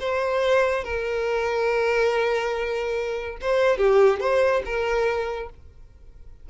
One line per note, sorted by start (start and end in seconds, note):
0.00 0.84 C5
0.84 3.37 A#4
3.41 3.78 C5
3.78 4.20 G4
4.20 4.62 C5
4.65 5.49 A#4